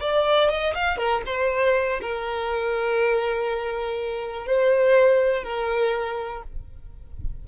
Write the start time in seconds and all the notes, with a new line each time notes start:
0.00 D5
0.49 D#5
0.74 F5
0.97 A#4
1.26 C5
2.01 A#4
4.46 C5
5.43 A#4